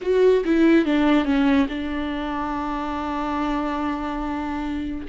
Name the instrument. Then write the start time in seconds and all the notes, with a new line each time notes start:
viola
0.01 F#4
0.44 E4
0.85 D4
1.24 C#4
1.68 D4